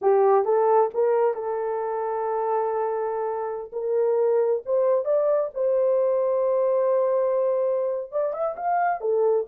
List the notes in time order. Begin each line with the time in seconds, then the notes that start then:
0.01 G4
0.44 A4
0.94 A#4
1.34 A4
3.72 A#4
4.65 C5
5.04 D5
5.53 C5
8.11 D5
8.33 E5
8.56 F5
9.00 A4